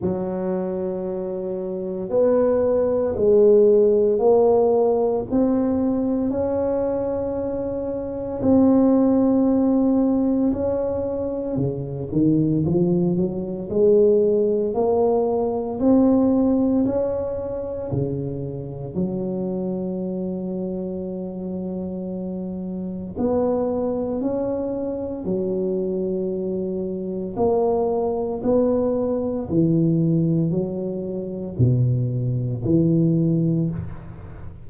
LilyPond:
\new Staff \with { instrumentName = "tuba" } { \time 4/4 \tempo 4 = 57 fis2 b4 gis4 | ais4 c'4 cis'2 | c'2 cis'4 cis8 dis8 | f8 fis8 gis4 ais4 c'4 |
cis'4 cis4 fis2~ | fis2 b4 cis'4 | fis2 ais4 b4 | e4 fis4 b,4 e4 | }